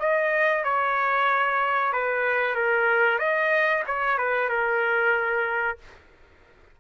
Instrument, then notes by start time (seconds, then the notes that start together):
trumpet
0.00 D#5
0.65 C#5
1.93 B4
2.55 A#4
3.19 D#5
3.87 C#5
4.18 B4
4.49 A#4